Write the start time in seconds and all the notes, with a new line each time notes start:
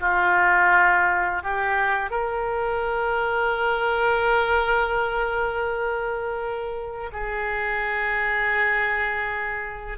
0.00 F4
1.43 G4
2.11 A#4
7.12 G#4